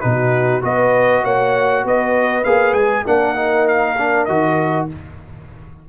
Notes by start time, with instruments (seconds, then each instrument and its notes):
0.00 tuba B2, trombone D#4, horn F#4, trumpet B4
0.61 tuba B3, trombone F#4, horn B4, trumpet D#5
1.23 tuba A#3, horn C#5, trumpet F#5
1.84 tuba B3, horn B4, trumpet D#5
2.44 tuba A#3, trombone G#4, trumpet F5
2.72 tuba G#3, trumpet G#5
3.05 tuba A#3, trombone D4, horn A#4, trumpet F#5
3.35 trombone D#4
3.67 trumpet F5
3.98 trombone D4
4.25 tuba D#3, trombone F#4, trumpet D#5